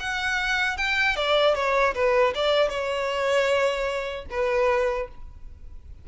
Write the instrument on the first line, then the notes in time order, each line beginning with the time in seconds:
violin
0.00 F#5
0.78 G5
1.16 D5
1.55 C#5
1.95 B4
2.35 D5
2.70 C#5
4.30 B4